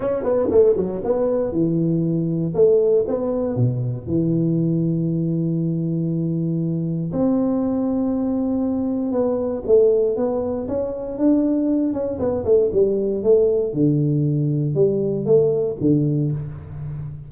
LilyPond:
\new Staff \with { instrumentName = "tuba" } { \time 4/4 \tempo 4 = 118 cis'8 b8 a8 fis8 b4 e4~ | e4 a4 b4 b,4 | e1~ | e2 c'2~ |
c'2 b4 a4 | b4 cis'4 d'4. cis'8 | b8 a8 g4 a4 d4~ | d4 g4 a4 d4 | }